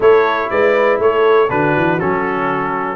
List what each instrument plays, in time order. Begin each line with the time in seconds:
0.00 tuba A3, trombone E4, horn A4, trumpet C#5
0.50 tuba G#3, horn B4, trumpet D5
0.98 tuba A3, horn A4, trumpet C#5
1.49 tuba D3, trombone D4, horn F#4, trumpet B4
1.76 tuba E3
1.99 tuba F#3, trombone C#4, trumpet A4